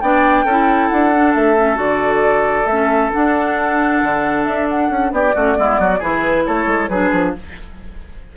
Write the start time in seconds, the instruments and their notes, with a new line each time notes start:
0.00 bassoon B3, clarinet D4, oboe D5, flute G5
0.44 bassoon C#4, clarinet E4, oboe A4
0.88 bassoon D4, flute F#5
1.13 clarinet D4
1.34 bassoon A3, flute E5
1.56 clarinet C#4
1.75 bassoon D3, clarinet F#4, flute D5
2.65 bassoon A3, clarinet C#4, flute E5
3.11 clarinet D4, bassoon D4, flute F#5
4.02 bassoon D3
4.44 bassoon D4, flute E5
4.68 flute F#5
4.89 bassoon C#4
5.11 bassoon B3, oboe G4, flute D5
5.34 bassoon A3, clarinet C#4, oboe F#4
5.55 bassoon G#3, clarinet B3, oboe E4
5.79 bassoon F#3, oboe F#4
5.99 bassoon E3, clarinet E4, oboe G#4, flute B4
6.46 bassoon A3, oboe A4, flute C#5
6.66 bassoon G#3
6.88 bassoon F#3, clarinet D4, oboe G#4, flute B4
7.12 bassoon F3